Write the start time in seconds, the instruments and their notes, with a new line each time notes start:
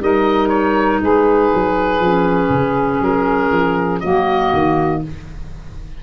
0.00 tuba G3, clarinet D#4, saxophone A#4, oboe D#5
0.48 oboe C#5
1.01 tuba G#3, saxophone G#4, oboe B4
1.54 tuba F#3
1.99 tuba F3
2.05 clarinet C#4
2.49 tuba C#3
3.00 tuba F#3, oboe A#4
3.51 tuba F3
4.00 tuba F#3, clarinet A#3, saxophone F#4, oboe D#5
4.53 tuba D#3